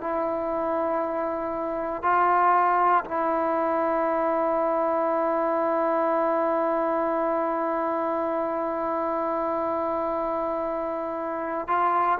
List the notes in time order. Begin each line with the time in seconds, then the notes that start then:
0.00 E4
2.02 F4
3.04 E4
11.68 F4